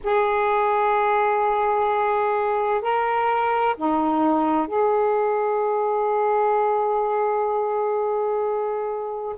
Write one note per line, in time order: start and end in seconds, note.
0.03 2.81 G#4
2.81 3.75 A#4
3.76 4.67 D#4
4.67 9.35 G#4